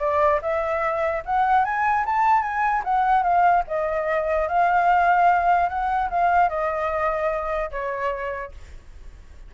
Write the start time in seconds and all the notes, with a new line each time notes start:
0.00 D5
0.42 E5
1.26 F#5
1.65 G#5
2.06 A5
2.43 G#5
2.85 F#5
3.23 F5
3.68 D#5
4.49 F5
5.69 F#5
6.11 F5
6.49 D#5
7.71 C#5